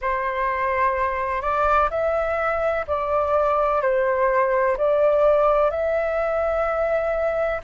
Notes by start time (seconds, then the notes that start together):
0.01 C5
1.41 D5
1.90 E5
2.87 D5
3.81 C5
4.77 D5
5.70 E5